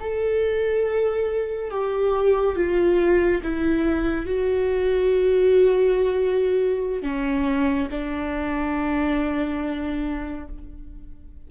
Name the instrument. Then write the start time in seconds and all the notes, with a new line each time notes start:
viola
0.00 A4
1.70 G4
2.56 F4
3.43 E4
4.26 F#4
7.02 C#4
7.91 D4